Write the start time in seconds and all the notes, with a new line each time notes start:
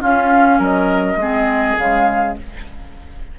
0.00 C#4 F4 F5
0.59 F#3 A#4 D#5
1.16 G#3 C4 G#4
1.78 C#3 G#3 F5